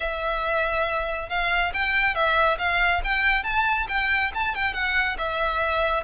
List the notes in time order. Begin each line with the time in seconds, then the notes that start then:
0.00 E5
1.29 F5
1.73 G5
2.14 E5
2.58 F5
3.04 G5
3.43 A5
3.88 G5
4.34 A5
4.55 G5
4.73 F#5
5.18 E5